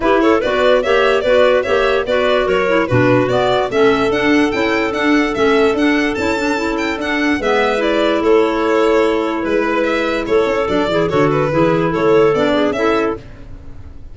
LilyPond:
<<
  \new Staff \with { instrumentName = "violin" } { \time 4/4 \tempo 4 = 146 b'8 cis''8 d''4 e''4 d''4 | e''4 d''4 cis''4 b'4 | d''4 e''4 fis''4 g''4 | fis''4 e''4 fis''4 a''4~ |
a''8 g''8 fis''4 e''4 d''4 | cis''2. b'4 | e''4 cis''4 d''4 cis''8 b'8~ | b'4 cis''4 d''4 e''4 | }
  \new Staff \with { instrumentName = "clarinet" } { \time 4/4 g'8 a'8 b'4 cis''4 b'4 | cis''4 b'4 ais'4 fis'4~ | fis'4 a'2.~ | a'1~ |
a'2 b'2 | a'2. b'4~ | b'4 a'4. gis'8 a'4 | gis'4 a'4. gis'8 a'4 | }
  \new Staff \with { instrumentName = "clarinet" } { \time 4/4 e'4 fis'4 g'4 fis'4 | g'4 fis'4. e'8 d'4 | b4 cis'4 d'4 e'4 | d'4 cis'4 d'4 e'8 d'8 |
e'4 d'4 b4 e'4~ | e'1~ | e'2 d'8 e'8 fis'4 | e'2 d'4 e'4 | }
  \new Staff \with { instrumentName = "tuba" } { \time 4/4 e'4 b4 ais4 b4 | ais4 b4 fis4 b,4 | b4 a4 d'4 cis'4 | d'4 a4 d'4 cis'4~ |
cis'4 d'4 gis2 | a2. gis4~ | gis4 a8 cis'8 fis8 e8 d4 | e4 a4 b4 cis'4 | }
>>